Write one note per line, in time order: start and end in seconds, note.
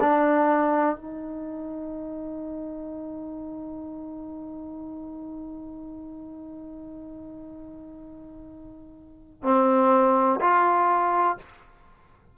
0.00 0.95 D4
0.95 9.42 D#4
9.43 10.39 C4
10.40 11.37 F4